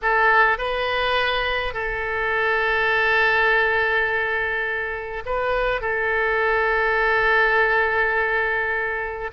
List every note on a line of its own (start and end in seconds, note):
0.02 0.58 A4
0.58 1.73 B4
1.73 5.23 A4
5.25 5.81 B4
5.81 9.30 A4